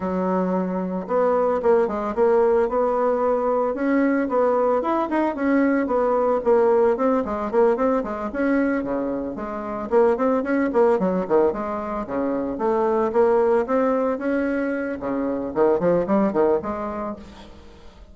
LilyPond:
\new Staff \with { instrumentName = "bassoon" } { \time 4/4 \tempo 4 = 112 fis2 b4 ais8 gis8 | ais4 b2 cis'4 | b4 e'8 dis'8 cis'4 b4 | ais4 c'8 gis8 ais8 c'8 gis8 cis'8~ |
cis'8 cis4 gis4 ais8 c'8 cis'8 | ais8 fis8 dis8 gis4 cis4 a8~ | a8 ais4 c'4 cis'4. | cis4 dis8 f8 g8 dis8 gis4 | }